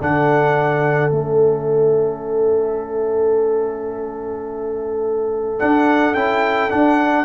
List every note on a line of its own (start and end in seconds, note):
0.00 1.11 D3
0.00 1.11 D4
0.00 7.24 A4
0.00 1.12 F#5
1.11 5.60 A3
1.11 5.59 C#4
1.11 5.59 E5
5.59 6.15 D4
5.59 6.14 D4
5.59 6.14 F#5
6.14 6.70 C#4
6.14 6.70 E4
6.14 6.70 G5
6.70 7.24 D4
6.70 7.24 F#5